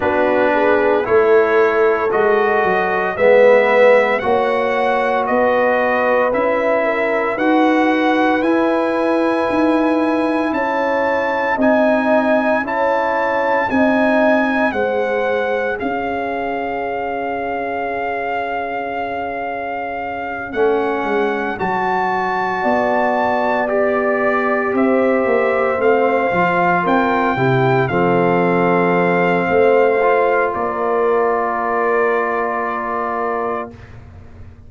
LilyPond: <<
  \new Staff \with { instrumentName = "trumpet" } { \time 4/4 \tempo 4 = 57 b'4 cis''4 dis''4 e''4 | fis''4 dis''4 e''4 fis''4 | gis''2 a''4 gis''4 | a''4 gis''4 fis''4 f''4~ |
f''2.~ f''8 fis''8~ | fis''8 a''2 d''4 e''8~ | e''8 f''4 g''4 f''4.~ | f''4 d''2. | }
  \new Staff \with { instrumentName = "horn" } { \time 4/4 fis'8 gis'8 a'2 b'4 | cis''4 b'4. ais'8 b'4~ | b'2 cis''4 dis''4 | cis''4 dis''4 c''4 cis''4~ |
cis''1~ | cis''4. d''2 c''8~ | c''4. ais'8 g'8 a'4. | c''4 ais'2. | }
  \new Staff \with { instrumentName = "trombone" } { \time 4/4 d'4 e'4 fis'4 b4 | fis'2 e'4 fis'4 | e'2. dis'4 | e'4 dis'4 gis'2~ |
gis'2.~ gis'8 cis'8~ | cis'8 fis'2 g'4.~ | g'8 c'8 f'4 e'8 c'4.~ | c'8 f'2.~ f'8 | }
  \new Staff \with { instrumentName = "tuba" } { \time 4/4 b4 a4 gis8 fis8 gis4 | ais4 b4 cis'4 dis'4 | e'4 dis'4 cis'4 c'4 | cis'4 c'4 gis4 cis'4~ |
cis'2.~ cis'8 a8 | gis8 fis4 b2 c'8 | ais8 a8 f8 c'8 c8 f4. | a4 ais2. | }
>>